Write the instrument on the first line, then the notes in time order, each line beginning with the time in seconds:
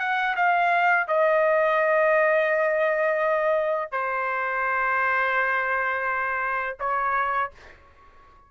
trumpet
0.00 F#5
0.36 F5
1.07 D#5
3.92 C5
6.80 C#5